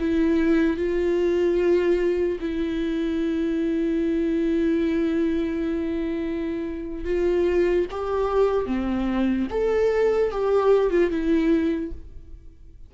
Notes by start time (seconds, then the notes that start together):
0.00 E4
0.77 F4
2.40 E4
7.05 F4
7.91 G4
8.66 C4
9.51 A4
10.32 G4
10.91 F4
11.11 E4